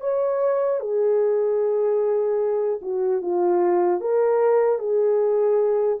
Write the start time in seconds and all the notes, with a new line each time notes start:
0.00 C#5
0.80 G#4
2.81 F#4
3.21 F4
4.00 A#4
4.78 G#4